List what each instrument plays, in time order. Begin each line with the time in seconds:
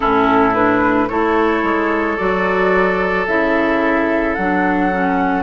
0.00 bassoon A2, clarinet C#4, oboe E4, flute A4
0.54 clarinet D4, flute B4
1.08 bassoon A3, clarinet E4, oboe A4, flute C#5
1.63 bassoon G#3
2.17 bassoon F#3, clarinet F#4, flute D5
3.27 bassoon C#3, clarinet E4, flute E5
4.34 bassoon F#3, clarinet D4, flute F#5
4.92 clarinet C#4